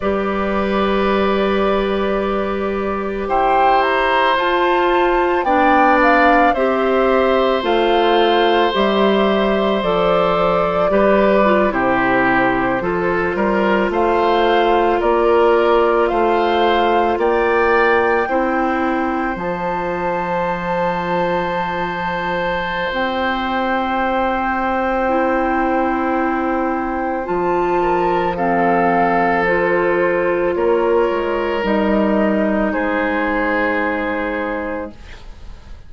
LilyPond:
<<
  \new Staff \with { instrumentName = "flute" } { \time 4/4 \tempo 4 = 55 d''2. g''8 ais''8 | a''4 g''8 f''8 e''4 f''4 | e''4 d''4.~ d''16 c''4~ c''16~ | c''8. f''4 d''4 f''4 g''16~ |
g''4.~ g''16 a''2~ a''16~ | a''4 g''2.~ | g''4 a''4 f''4 c''4 | cis''4 dis''4 c''2 | }
  \new Staff \with { instrumentName = "oboe" } { \time 4/4 b'2. c''4~ | c''4 d''4 c''2~ | c''2 b'8. g'4 a'16~ | a'16 ais'8 c''4 ais'4 c''4 d''16~ |
d''8. c''2.~ c''16~ | c''1~ | c''4. ais'8 a'2 | ais'2 gis'2 | }
  \new Staff \with { instrumentName = "clarinet" } { \time 4/4 g'1 | f'4 d'4 g'4 f'4 | g'4 a'4 g'8 f'16 e'4 f'16~ | f'1~ |
f'8. e'4 f'2~ f'16~ | f'2. e'4~ | e'4 f'4 c'4 f'4~ | f'4 dis'2. | }
  \new Staff \with { instrumentName = "bassoon" } { \time 4/4 g2. e'4 | f'4 b4 c'4 a4 | g4 f4 g8. c4 f16~ | f16 g8 a4 ais4 a4 ais16~ |
ais8. c'4 f2~ f16~ | f4 c'2.~ | c'4 f2. | ais8 gis8 g4 gis2 | }
>>